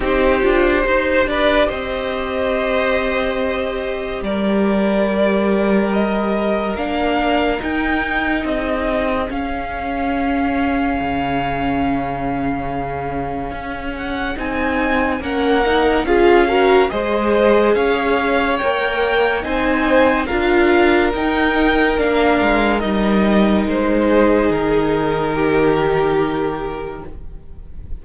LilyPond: <<
  \new Staff \with { instrumentName = "violin" } { \time 4/4 \tempo 4 = 71 c''4. d''8 dis''2~ | dis''4 d''2 dis''4 | f''4 g''4 dis''4 f''4~ | f''1~ |
f''8 fis''8 gis''4 fis''4 f''4 | dis''4 f''4 g''4 gis''4 | f''4 g''4 f''4 dis''4 | c''4 ais'2. | }
  \new Staff \with { instrumentName = "violin" } { \time 4/4 g'4 c''8 b'8 c''2~ | c''4 ais'2.~ | ais'2 gis'2~ | gis'1~ |
gis'2 ais'4 gis'8 ais'8 | c''4 cis''2 c''4 | ais'1~ | ais'8 gis'4. g'2 | }
  \new Staff \with { instrumentName = "viola" } { \time 4/4 dis'8 f'8 g'2.~ | g'1 | d'4 dis'2 cis'4~ | cis'1~ |
cis'4 dis'4 cis'8 dis'8 f'8 fis'8 | gis'2 ais'4 dis'4 | f'4 dis'4 d'4 dis'4~ | dis'1 | }
  \new Staff \with { instrumentName = "cello" } { \time 4/4 c'8 d'8 dis'8 d'8 c'2~ | c'4 g2. | ais4 dis'4 c'4 cis'4~ | cis'4 cis2. |
cis'4 c'4 ais4 cis'4 | gis4 cis'4 ais4 c'4 | d'4 dis'4 ais8 gis8 g4 | gis4 dis2. | }
>>